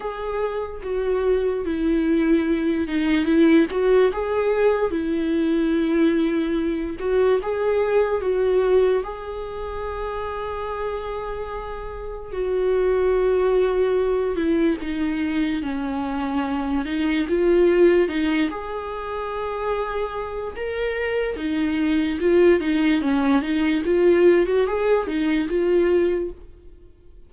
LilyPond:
\new Staff \with { instrumentName = "viola" } { \time 4/4 \tempo 4 = 73 gis'4 fis'4 e'4. dis'8 | e'8 fis'8 gis'4 e'2~ | e'8 fis'8 gis'4 fis'4 gis'4~ | gis'2. fis'4~ |
fis'4. e'8 dis'4 cis'4~ | cis'8 dis'8 f'4 dis'8 gis'4.~ | gis'4 ais'4 dis'4 f'8 dis'8 | cis'8 dis'8 f'8. fis'16 gis'8 dis'8 f'4 | }